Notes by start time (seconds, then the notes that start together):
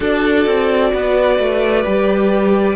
0.00 D4 F#4 A4 D5
0.46 C4
0.92 B3 B4
1.38 A3
1.84 G3 G4